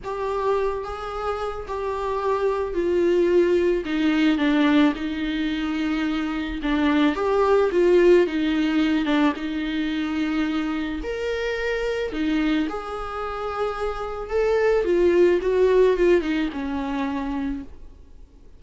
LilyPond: \new Staff \with { instrumentName = "viola" } { \time 4/4 \tempo 4 = 109 g'4. gis'4. g'4~ | g'4 f'2 dis'4 | d'4 dis'2. | d'4 g'4 f'4 dis'4~ |
dis'8 d'8 dis'2. | ais'2 dis'4 gis'4~ | gis'2 a'4 f'4 | fis'4 f'8 dis'8 cis'2 | }